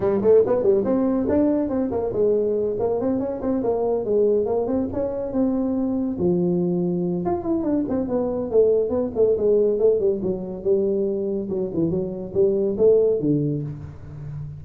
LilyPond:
\new Staff \with { instrumentName = "tuba" } { \time 4/4 \tempo 4 = 141 g8 a8 b8 g8 c'4 d'4 | c'8 ais8 gis4. ais8 c'8 cis'8 | c'8 ais4 gis4 ais8 c'8 cis'8~ | cis'8 c'2 f4.~ |
f4 f'8 e'8 d'8 c'8 b4 | a4 b8 a8 gis4 a8 g8 | fis4 g2 fis8 e8 | fis4 g4 a4 d4 | }